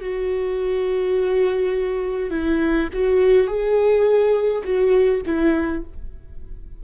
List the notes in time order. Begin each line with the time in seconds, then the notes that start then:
0.00 F#4
2.30 E4
2.93 F#4
3.47 G#4
4.64 F#4
5.26 E4